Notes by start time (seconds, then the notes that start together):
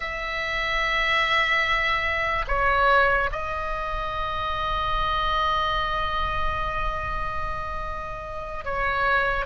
0.00 E5
2.47 C#5
3.31 D#5
8.65 C#5